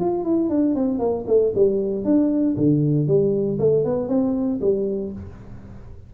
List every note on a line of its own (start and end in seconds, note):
0.00 0.24 F4
0.24 0.50 E4
0.50 0.75 D4
0.75 0.99 C4
0.99 1.25 A#3
1.27 1.53 A3
1.55 2.05 G3
2.05 2.56 D4
2.57 3.07 D3
3.07 3.59 G3
3.59 3.85 A3
3.85 4.09 B3
4.09 4.60 C4
4.61 5.13 G3